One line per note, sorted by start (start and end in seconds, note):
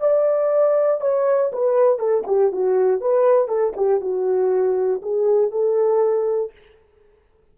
0.00 1.01 D5
1.01 1.51 C#5
1.52 1.99 B4
1.99 2.24 A4
2.27 2.52 G4
2.52 3.01 F#4
3.01 3.48 B4
3.48 3.73 A4
3.77 4.01 G4
4.01 5.02 F#4
5.02 5.51 G#4
5.51 6.52 A4